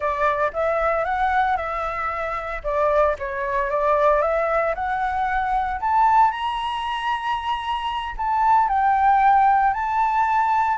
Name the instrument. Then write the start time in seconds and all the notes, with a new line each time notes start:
flute
0.00 D5
0.53 E5
1.04 F#5
1.56 E5
2.63 D5
3.18 C#5
3.70 D5
4.21 E5
4.74 F#5
5.80 A5
6.31 A#5
8.17 A5
8.68 G5
9.73 A5